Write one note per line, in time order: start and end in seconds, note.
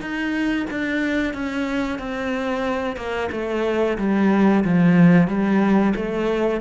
0.00 0.66 D#4
0.70 1.34 D4
1.34 1.99 C#4
1.99 2.96 C4
2.96 3.29 A#3
3.31 3.97 A3
3.98 4.64 G3
4.64 5.27 F3
5.27 5.93 G3
5.95 6.61 A3